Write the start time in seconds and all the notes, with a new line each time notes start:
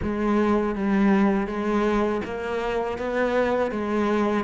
0.02 G#3
0.75 G3
1.47 G#3
2.24 A#3
2.98 B3
3.71 G#3